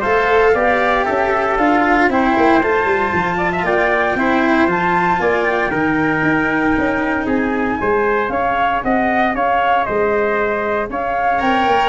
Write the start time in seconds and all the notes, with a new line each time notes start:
0.00 A3 A4 C5 F5
0.55 B3 G4 D5
1.04 C#4 A4 E5
1.57 D4 F4 F5
2.09 C4 E4 C5 G5
2.37 A#3
2.63 A3 F4 A5
2.85 G3
3.14 F3
3.38 D5
3.52 E5
3.63 A#3 D5 G5
4.15 C4 E4 C5
4.67 F3 F4 A5
5.20 A#3 D5 G#5
5.45 G5
5.71 D#3 D#4 A#4
6.23 D#4
6.77 C#4
7.26 C4 G#4 G#5
7.80 G#3 G#4 C5
8.29 C#4 C#5 F5
8.82 C4 D#5 F#5
9.34 C#4 C#5 F5
9.84 G#3 C5 D#5
10.90 C#4 C#5 F5
11.39 C4 A#4 G5
11.67 A#3